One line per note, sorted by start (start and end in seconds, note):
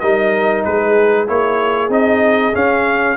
0.00 0.66 G3
0.00 1.27 D#4
0.00 0.65 A#4
0.00 0.63 D#5
0.65 1.29 G#3
0.65 3.17 G#4
0.65 1.28 B4
1.27 1.89 A#3
1.27 1.90 E4
1.27 1.92 C#5
1.89 2.52 C4
1.89 2.53 D#4
1.89 2.55 D#5
2.54 3.17 C#4
2.54 3.17 F5